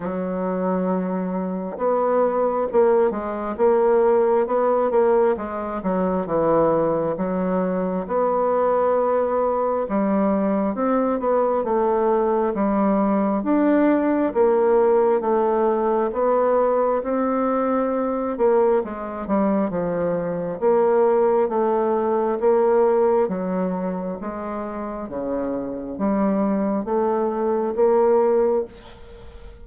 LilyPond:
\new Staff \with { instrumentName = "bassoon" } { \time 4/4 \tempo 4 = 67 fis2 b4 ais8 gis8 | ais4 b8 ais8 gis8 fis8 e4 | fis4 b2 g4 | c'8 b8 a4 g4 d'4 |
ais4 a4 b4 c'4~ | c'8 ais8 gis8 g8 f4 ais4 | a4 ais4 fis4 gis4 | cis4 g4 a4 ais4 | }